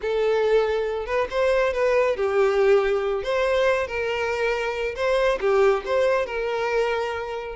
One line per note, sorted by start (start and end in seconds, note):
0.01 1.06 A4
1.06 1.27 B4
1.30 1.73 C5
1.73 2.16 B4
2.16 3.23 G4
3.23 3.87 C5
3.87 4.95 A#4
4.95 5.38 C5
5.40 5.83 G4
5.85 6.26 C5
6.26 7.55 A#4